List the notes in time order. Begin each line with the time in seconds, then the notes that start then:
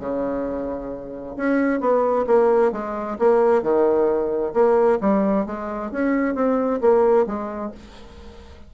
0.00 C#3
1.37 C#4
1.81 B3
2.27 A#3
2.73 G#3
3.19 A#3
3.63 D#3
4.54 A#3
5.01 G3
5.46 G#3
5.92 C#4
6.35 C4
6.82 A#3
7.27 G#3